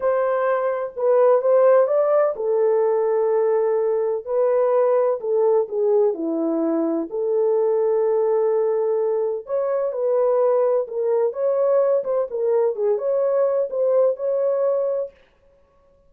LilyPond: \new Staff \with { instrumentName = "horn" } { \time 4/4 \tempo 4 = 127 c''2 b'4 c''4 | d''4 a'2.~ | a'4 b'2 a'4 | gis'4 e'2 a'4~ |
a'1 | cis''4 b'2 ais'4 | cis''4. c''8 ais'4 gis'8 cis''8~ | cis''4 c''4 cis''2 | }